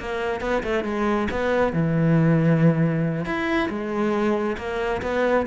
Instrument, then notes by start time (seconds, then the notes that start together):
cello
0.00 A#3
0.41 B3
0.64 A3
0.84 G#3
1.31 B3
1.73 E3
3.26 E4
3.69 G#3
4.58 A#3
5.03 B3